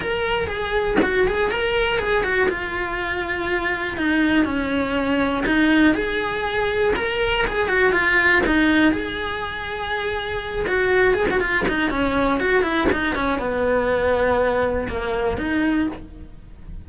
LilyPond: \new Staff \with { instrumentName = "cello" } { \time 4/4 \tempo 4 = 121 ais'4 gis'4 fis'8 gis'8 ais'4 | gis'8 fis'8 f'2. | dis'4 cis'2 dis'4 | gis'2 ais'4 gis'8 fis'8 |
f'4 dis'4 gis'2~ | gis'4. fis'4 gis'16 fis'16 f'8 dis'8 | cis'4 fis'8 e'8 dis'8 cis'8 b4~ | b2 ais4 dis'4 | }